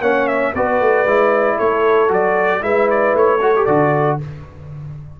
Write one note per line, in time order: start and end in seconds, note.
0.00 0.52 A#3
0.00 0.55 C#4
0.00 0.53 C#5
0.00 0.27 F#5
0.27 0.53 E5
0.54 0.80 B3
0.54 1.07 F#4
0.54 1.57 B4
0.54 1.58 D5
0.80 1.05 A3
1.05 1.57 G#3
1.05 2.08 E4
1.57 2.10 A3
1.57 2.61 A4
1.57 2.10 C#5
2.08 2.62 F#3
2.08 2.60 F#4
2.08 2.63 D5
2.61 3.14 G#3
2.61 3.39 E4
2.61 3.41 B4
2.61 2.89 E5
2.90 3.16 D5
3.14 3.66 A3
3.14 3.65 C#5
3.41 3.54 F#4
3.41 4.19 A4
3.55 3.68 G4
3.65 4.19 D3
3.65 4.20 F#4
3.65 4.17 D5